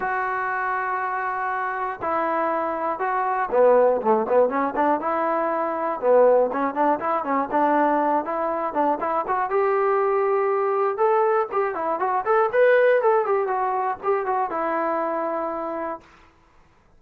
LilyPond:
\new Staff \with { instrumentName = "trombone" } { \time 4/4 \tempo 4 = 120 fis'1 | e'2 fis'4 b4 | a8 b8 cis'8 d'8 e'2 | b4 cis'8 d'8 e'8 cis'8 d'4~ |
d'8 e'4 d'8 e'8 fis'8 g'4~ | g'2 a'4 g'8 e'8 | fis'8 a'8 b'4 a'8 g'8 fis'4 | g'8 fis'8 e'2. | }